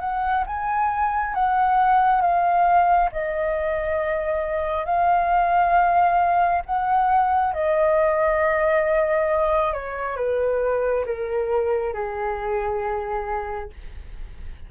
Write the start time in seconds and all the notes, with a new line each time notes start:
0.00 F#5
0.47 G#5
1.34 F#5
2.21 F5
3.12 D#5
4.85 F5
6.66 F#5
7.54 D#5
9.73 C#5
10.17 B4
11.06 A#4
11.94 G#4